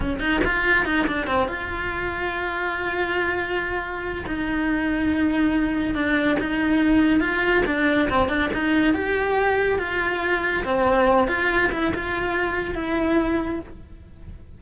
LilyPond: \new Staff \with { instrumentName = "cello" } { \time 4/4 \tempo 4 = 141 cis'8 dis'8 f'4 dis'8 d'8 c'8 f'8~ | f'1~ | f'2 dis'2~ | dis'2 d'4 dis'4~ |
dis'4 f'4 d'4 c'8 d'8 | dis'4 g'2 f'4~ | f'4 c'4. f'4 e'8 | f'2 e'2 | }